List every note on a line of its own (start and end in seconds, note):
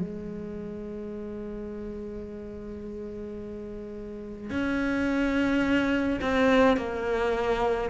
0.00 4.51 G#3
4.51 6.21 C#4
6.22 6.77 C4
6.77 7.90 A#3